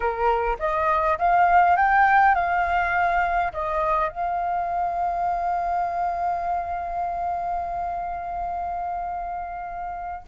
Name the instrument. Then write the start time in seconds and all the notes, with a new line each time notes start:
flute
0.00 A#4
0.59 D#5
1.18 F5
1.76 G5
2.34 F5
3.52 D#5
4.09 F5